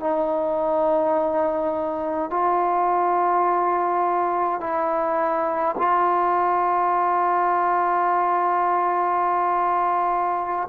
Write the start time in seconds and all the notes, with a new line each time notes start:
0.00 D#4
2.31 F4
4.60 E4
5.78 F4